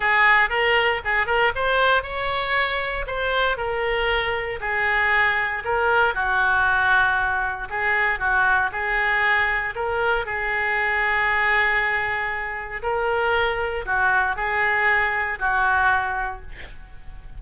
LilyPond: \new Staff \with { instrumentName = "oboe" } { \time 4/4 \tempo 4 = 117 gis'4 ais'4 gis'8 ais'8 c''4 | cis''2 c''4 ais'4~ | ais'4 gis'2 ais'4 | fis'2. gis'4 |
fis'4 gis'2 ais'4 | gis'1~ | gis'4 ais'2 fis'4 | gis'2 fis'2 | }